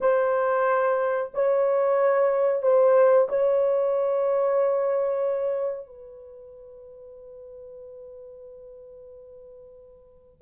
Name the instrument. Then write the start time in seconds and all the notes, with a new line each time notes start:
horn
0.00 C5
1.34 C#5
2.62 C5
3.28 C#5
5.86 B4